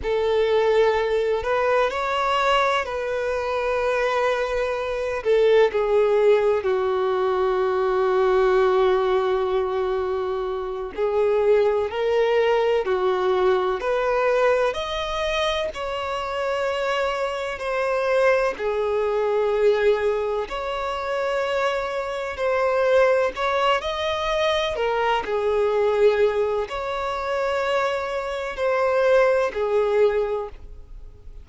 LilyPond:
\new Staff \with { instrumentName = "violin" } { \time 4/4 \tempo 4 = 63 a'4. b'8 cis''4 b'4~ | b'4. a'8 gis'4 fis'4~ | fis'2.~ fis'8 gis'8~ | gis'8 ais'4 fis'4 b'4 dis''8~ |
dis''8 cis''2 c''4 gis'8~ | gis'4. cis''2 c''8~ | c''8 cis''8 dis''4 ais'8 gis'4. | cis''2 c''4 gis'4 | }